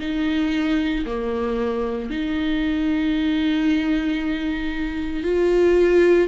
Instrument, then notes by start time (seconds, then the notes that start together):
viola
0.00 D#4
1.06 A#3
2.11 D#4
5.23 F4